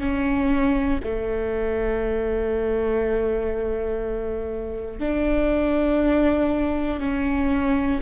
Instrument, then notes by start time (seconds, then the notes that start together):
viola
0.00 C#4
1.04 A3
5.00 D4
7.00 C#4